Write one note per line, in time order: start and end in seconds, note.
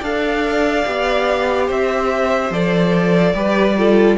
0.00 0.86 D4
0.00 0.86 A4
0.00 1.67 D5
0.00 1.71 F5
0.86 1.70 B3
0.86 2.52 G4
1.67 2.51 C4
1.67 3.34 C5
1.67 2.53 E5
2.51 3.34 F3
2.51 3.35 A4
2.51 4.18 D5
3.34 4.18 G3
3.34 3.77 G4
3.34 3.78 B4
3.78 4.18 F4
3.78 4.18 A4